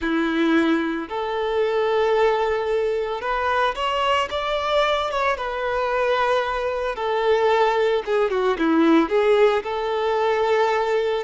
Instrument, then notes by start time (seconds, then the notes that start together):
violin
0.00 E4
1.09 A4
3.21 B4
3.75 C#5
4.30 D5
5.10 C#5
5.37 B4
6.95 A4
8.06 G#4
8.30 F#4
8.58 E4
9.09 G#4
9.63 A4